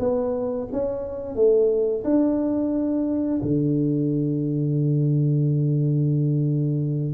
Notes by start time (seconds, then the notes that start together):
0.00 B3
0.73 C#4
1.36 A3
2.05 D4
3.42 D3